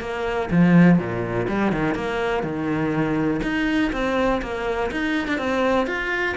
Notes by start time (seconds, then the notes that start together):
0.00 A#3
0.51 F3
0.98 A#2
1.47 G3
1.72 D#3
1.95 A#3
2.43 D#3
3.42 D#4
3.92 C4
4.42 A#3
4.91 D#4
5.27 D4
5.38 C4
5.86 F4